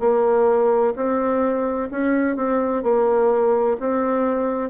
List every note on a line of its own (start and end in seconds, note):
0.00 0.94 A#3
0.96 1.90 C4
1.91 2.36 C#4
2.36 2.83 C4
2.83 3.77 A#3
3.80 4.70 C4